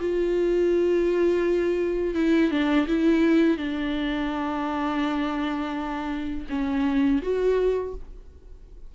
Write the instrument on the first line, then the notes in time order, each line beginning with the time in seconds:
viola
0.00 F4
2.15 E4
2.51 D4
2.88 E4
3.58 D4
6.50 C#4
7.22 F#4